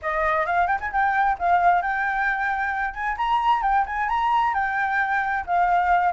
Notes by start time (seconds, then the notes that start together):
0.02 D#5
0.45 F5
0.67 G5
0.80 G#5
0.92 G5
1.38 F5
1.82 G5
2.93 G#5
3.17 A#5
3.62 G5
3.86 G#5
4.08 A#5
4.53 G5
5.46 F5